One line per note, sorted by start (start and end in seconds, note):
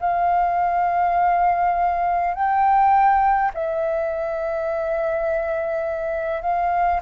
0.00 2.34 F5
2.34 3.51 G5
3.54 6.42 E5
6.42 7.01 F5